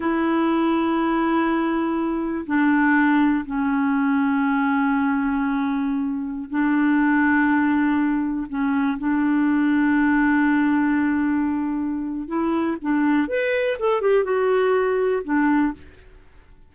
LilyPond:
\new Staff \with { instrumentName = "clarinet" } { \time 4/4 \tempo 4 = 122 e'1~ | e'4 d'2 cis'4~ | cis'1~ | cis'4~ cis'16 d'2~ d'8.~ |
d'4~ d'16 cis'4 d'4.~ d'16~ | d'1~ | d'4 e'4 d'4 b'4 | a'8 g'8 fis'2 d'4 | }